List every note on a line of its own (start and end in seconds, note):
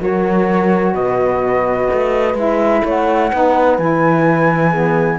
0.00 0.94 F#3
0.00 2.35 F#4
0.00 0.95 A#4
0.00 0.94 C#5
0.94 1.88 B2
0.94 2.84 B4
0.94 2.36 D#5
1.93 2.34 A3
2.34 2.81 G#3
2.34 3.30 E4
2.34 2.86 E5
2.84 3.32 A3
2.84 3.31 C#5
2.84 3.78 F#5
3.31 3.78 B3
3.31 3.80 D#4
3.31 4.70 B4
3.78 5.18 E3
3.78 4.73 E4
3.78 5.18 G#5
4.70 5.18 B3
4.70 5.18 G#4